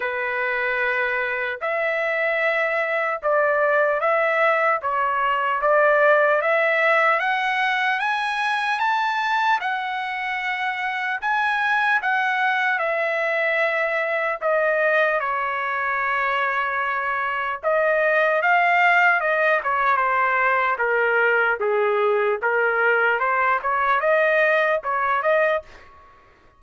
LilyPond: \new Staff \with { instrumentName = "trumpet" } { \time 4/4 \tempo 4 = 75 b'2 e''2 | d''4 e''4 cis''4 d''4 | e''4 fis''4 gis''4 a''4 | fis''2 gis''4 fis''4 |
e''2 dis''4 cis''4~ | cis''2 dis''4 f''4 | dis''8 cis''8 c''4 ais'4 gis'4 | ais'4 c''8 cis''8 dis''4 cis''8 dis''8 | }